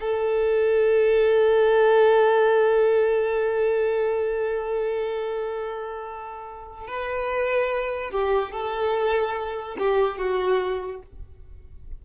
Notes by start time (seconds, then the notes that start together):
0.00 A4
6.87 B4
8.11 G4
8.52 A4
9.78 G4
10.18 F#4